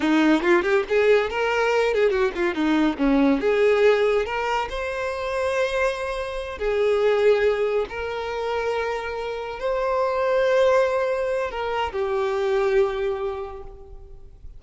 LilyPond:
\new Staff \with { instrumentName = "violin" } { \time 4/4 \tempo 4 = 141 dis'4 f'8 g'8 gis'4 ais'4~ | ais'8 gis'8 fis'8 f'8 dis'4 cis'4 | gis'2 ais'4 c''4~ | c''2.~ c''8 gis'8~ |
gis'2~ gis'8 ais'4.~ | ais'2~ ais'8 c''4.~ | c''2. ais'4 | g'1 | }